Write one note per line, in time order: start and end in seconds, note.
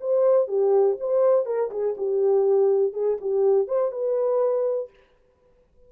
0.00 0.47 C5
0.47 0.97 G4
0.99 1.45 C5
1.45 1.70 A#4
1.70 1.95 G#4
1.97 2.93 G4
2.93 3.17 G#4
3.20 3.67 G4
3.67 3.91 C5
3.91 4.90 B4